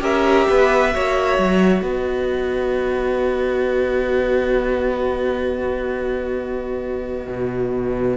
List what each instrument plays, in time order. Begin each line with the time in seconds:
0.00 cello C#4, viola G4, violin A#4 E5
0.49 cello B3, violin B4
0.93 cello A#3, viola F#4, violin C#5
1.38 cello F#3
1.81 cello B3, violin B4 D#5
7.27 cello B2